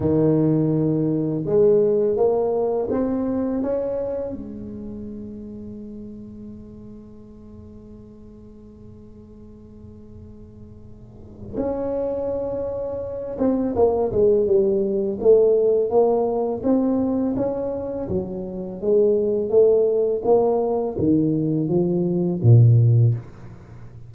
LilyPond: \new Staff \with { instrumentName = "tuba" } { \time 4/4 \tempo 4 = 83 dis2 gis4 ais4 | c'4 cis'4 gis2~ | gis1~ | gis1 |
cis'2~ cis'8 c'8 ais8 gis8 | g4 a4 ais4 c'4 | cis'4 fis4 gis4 a4 | ais4 dis4 f4 ais,4 | }